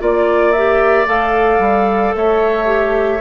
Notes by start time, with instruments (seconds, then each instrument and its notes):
0.00 bassoon A#3, clarinet F4, oboe D5, flute D5
0.53 clarinet G4, flute E5
1.06 bassoon A3, clarinet A4, flute F5
1.59 bassoon G3
2.15 bassoon A3, oboe C#5, flute E5
2.66 clarinet G4